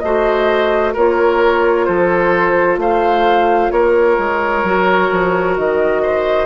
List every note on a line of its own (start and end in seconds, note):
0.00 0.96 A3
0.00 0.97 F#4
0.00 0.94 C5
0.00 0.92 D#5
0.94 1.89 A#3
0.94 4.66 F4
0.94 1.86 A#4
0.94 1.85 C#5
1.85 2.78 F3
1.85 2.80 A4
1.85 2.78 C5
2.78 3.70 A3
2.78 3.73 C5
2.78 3.72 F5
3.72 4.18 A#3
3.72 6.03 A#4
3.72 5.56 C#5
4.19 4.64 G#3
4.64 5.10 F#3
4.64 6.46 F#4
5.12 5.58 F3
5.58 6.46 D#3
5.58 6.46 D#5
6.03 6.46 C5